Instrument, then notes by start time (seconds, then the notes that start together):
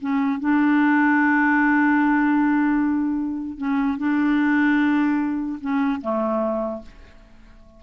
clarinet
0.00 C#4
0.39 D4
3.57 C#4
3.98 D4
5.60 C#4
6.01 A3